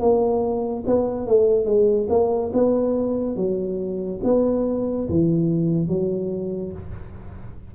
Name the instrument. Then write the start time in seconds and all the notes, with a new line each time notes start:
tuba
0.00 A#3
0.87 B3
1.27 A3
1.66 G#3
2.10 A#3
2.54 B3
3.36 F#3
4.24 B3
5.09 E3
5.88 F#3